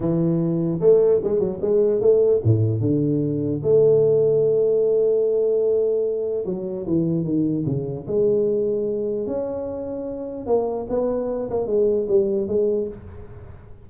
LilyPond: \new Staff \with { instrumentName = "tuba" } { \time 4/4 \tempo 4 = 149 e2 a4 gis8 fis8 | gis4 a4 a,4 d4~ | d4 a2.~ | a1 |
fis4 e4 dis4 cis4 | gis2. cis'4~ | cis'2 ais4 b4~ | b8 ais8 gis4 g4 gis4 | }